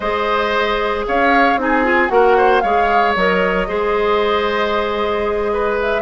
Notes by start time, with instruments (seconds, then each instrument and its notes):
0.00 bassoon G#3, clarinet G#4, oboe C5, flute D#5
1.07 bassoon C#4, oboe C#5, flute F5
1.56 bassoon C4, clarinet D#4, oboe G#4, flute G#5
1.84 clarinet F4
2.08 bassoon A#3, clarinet F#4, oboe A#4, flute F#5
2.37 oboe C5
2.60 bassoon G#3, clarinet G#4, oboe C#5, flute F5
3.15 bassoon F#3, clarinet A#4, flute D#5
3.67 bassoon G#3, clarinet G#4, oboe C5
5.53 oboe B4
5.80 flute E5